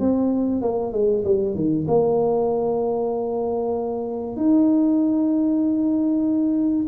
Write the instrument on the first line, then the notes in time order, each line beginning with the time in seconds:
tuba
0.00 C4
0.62 A#3
0.93 G#3
1.24 G3
1.55 D#3
1.88 A#3
4.37 D#4